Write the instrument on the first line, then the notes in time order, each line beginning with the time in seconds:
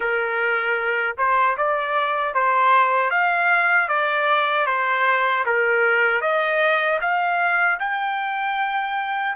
trumpet
0.00 A#4
1.17 C5
1.57 D5
2.34 C5
3.10 F5
3.88 D5
4.66 C5
5.45 A#4
6.21 D#5
7.01 F5
7.79 G5